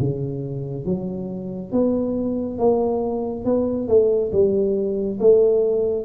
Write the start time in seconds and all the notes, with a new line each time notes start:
0.00 C#3
0.85 F#3
1.72 B3
2.58 A#3
3.45 B3
3.88 A3
4.32 G3
5.20 A3